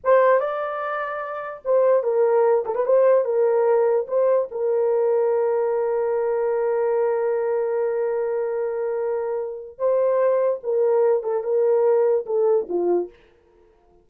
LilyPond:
\new Staff \with { instrumentName = "horn" } { \time 4/4 \tempo 4 = 147 c''4 d''2. | c''4 ais'4. a'16 b'16 c''4 | ais'2 c''4 ais'4~ | ais'1~ |
ais'1~ | ais'1 | c''2 ais'4. a'8 | ais'2 a'4 f'4 | }